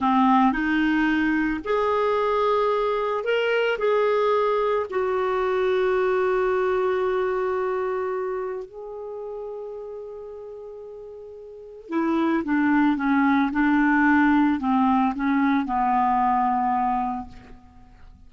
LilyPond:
\new Staff \with { instrumentName = "clarinet" } { \time 4/4 \tempo 4 = 111 c'4 dis'2 gis'4~ | gis'2 ais'4 gis'4~ | gis'4 fis'2.~ | fis'1 |
gis'1~ | gis'2 e'4 d'4 | cis'4 d'2 c'4 | cis'4 b2. | }